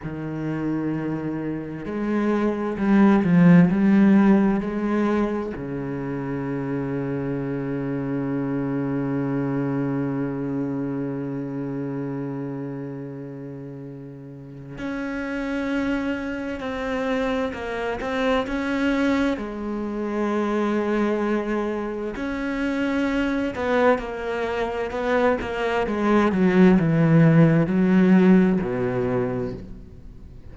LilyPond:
\new Staff \with { instrumentName = "cello" } { \time 4/4 \tempo 4 = 65 dis2 gis4 g8 f8 | g4 gis4 cis2~ | cis1~ | cis1 |
cis'2 c'4 ais8 c'8 | cis'4 gis2. | cis'4. b8 ais4 b8 ais8 | gis8 fis8 e4 fis4 b,4 | }